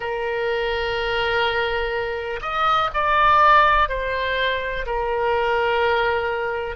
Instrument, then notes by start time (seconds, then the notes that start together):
oboe
0.00 A#4
2.41 D#5
2.93 D5
3.88 C5
4.86 A#4